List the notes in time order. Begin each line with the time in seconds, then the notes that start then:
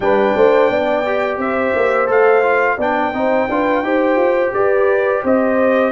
0.00 G3 D4 B4 G5
0.36 A3 C5
0.69 B3 D5
1.05 G4
1.37 C4 C5 E5
1.75 A#3
2.07 A3 A4 F5
2.42 F4
2.77 B3 D4 D5 G5
3.13 C4 D#4 C5
3.48 D4 F4 B4
3.83 D#4 G4 C5
4.15 F4
4.53 G4 B4 D5
5.23 C4 C5 D#5